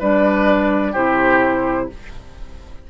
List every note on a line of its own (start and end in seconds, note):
0.00 0.95 G3
0.00 0.95 D4
0.00 0.93 B4
0.00 0.95 D5
0.93 1.90 C3
0.93 1.90 E4
0.93 1.88 G4
0.93 1.90 C5